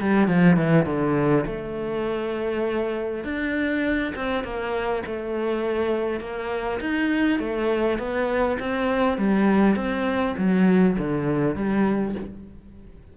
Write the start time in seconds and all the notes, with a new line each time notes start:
0.00 G3
0.27 F3
0.56 E3
0.85 D3
1.46 A3
3.24 D4
4.15 C4
4.43 A#3
5.06 A3
6.20 A#3
6.80 D#4
7.39 A3
7.98 B3
8.59 C4
9.18 G3
9.76 C4
10.37 F#3
10.98 D3
11.55 G3